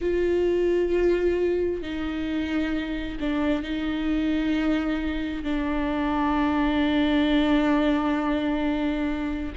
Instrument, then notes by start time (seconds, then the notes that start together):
viola
0.01 F4
1.82 D#4
3.20 D4
3.62 D#4
5.43 D4